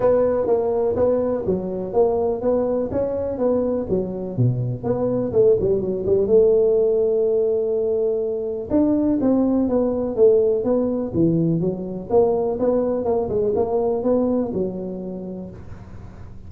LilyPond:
\new Staff \with { instrumentName = "tuba" } { \time 4/4 \tempo 4 = 124 b4 ais4 b4 fis4 | ais4 b4 cis'4 b4 | fis4 b,4 b4 a8 g8 | fis8 g8 a2.~ |
a2 d'4 c'4 | b4 a4 b4 e4 | fis4 ais4 b4 ais8 gis8 | ais4 b4 fis2 | }